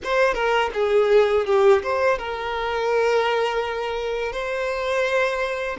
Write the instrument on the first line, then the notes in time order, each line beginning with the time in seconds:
violin
0.03 C5
0.34 A#4
0.73 G#4
1.46 G4
1.82 C5
2.18 A#4
4.32 C5